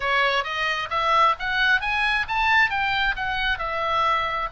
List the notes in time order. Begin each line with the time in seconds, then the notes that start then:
0.00 C#5
0.44 D#5
0.90 E5
1.39 F#5
1.80 G#5
2.28 A5
2.70 G5
3.16 F#5
3.58 E5